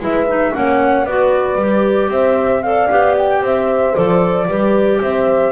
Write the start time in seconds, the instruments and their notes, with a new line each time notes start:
0.00 double bass G#3, clarinet E4, horn B4, flute E5
0.28 clarinet D#4
0.53 double bass A#3, clarinet C#4, horn C#5, flute F#5
1.04 double bass B3, clarinet F#4, horn B4, flute D5
1.56 double bass G3, clarinet G4
2.09 double bass C4, horn C5, flute E5
2.63 clarinet A4, horn D5, flute F5
2.90 double bass B3, clarinet G4
3.18 flute G5
3.42 double bass C4, horn C5, flute E5
3.95 double bass F3, clarinet A4, flute D5
4.47 double bass G3, clarinet G4, horn B4
5.02 double bass C4, horn C5, flute E5